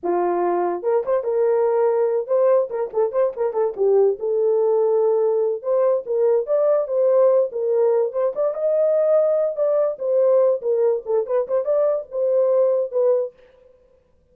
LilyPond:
\new Staff \with { instrumentName = "horn" } { \time 4/4 \tempo 4 = 144 f'2 ais'8 c''8 ais'4~ | ais'4. c''4 ais'8 a'8 c''8 | ais'8 a'8 g'4 a'2~ | a'4. c''4 ais'4 d''8~ |
d''8 c''4. ais'4. c''8 | d''8 dis''2~ dis''8 d''4 | c''4. ais'4 a'8 b'8 c''8 | d''4 c''2 b'4 | }